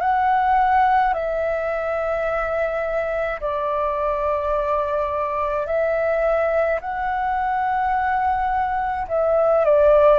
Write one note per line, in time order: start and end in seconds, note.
0.00 1.13 F#5
1.14 3.40 E5
3.40 5.66 D5
5.66 6.79 E5
6.81 9.07 F#5
9.08 9.64 E5
9.65 10.19 D5